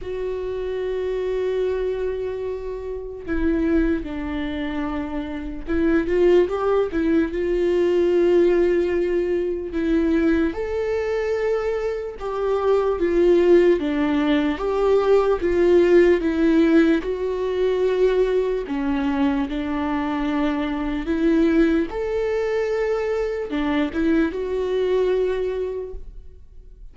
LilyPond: \new Staff \with { instrumentName = "viola" } { \time 4/4 \tempo 4 = 74 fis'1 | e'4 d'2 e'8 f'8 | g'8 e'8 f'2. | e'4 a'2 g'4 |
f'4 d'4 g'4 f'4 | e'4 fis'2 cis'4 | d'2 e'4 a'4~ | a'4 d'8 e'8 fis'2 | }